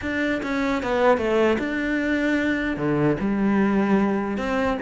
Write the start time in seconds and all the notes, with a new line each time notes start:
0.01 D4
0.43 C#4
0.82 B3
1.17 A3
1.58 D4
2.76 D3
3.20 G3
4.37 C4